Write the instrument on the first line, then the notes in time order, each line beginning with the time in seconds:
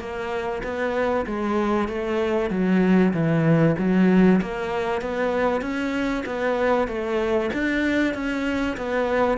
cello
0.00 A#3
0.64 B3
1.27 G#3
1.89 A3
2.51 F#3
3.14 E3
3.78 F#3
4.42 A#3
5.02 B3
5.62 C#4
6.26 B3
6.88 A3
7.54 D4
8.14 C#4
8.77 B3